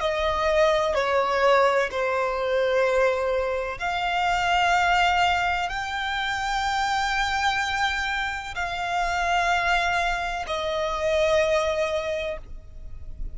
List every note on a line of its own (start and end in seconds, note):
0.00 0.94 D#5
0.94 1.90 C#5
1.91 3.78 C5
3.78 5.69 F5
5.69 8.55 G5
8.55 10.45 F5
10.47 12.37 D#5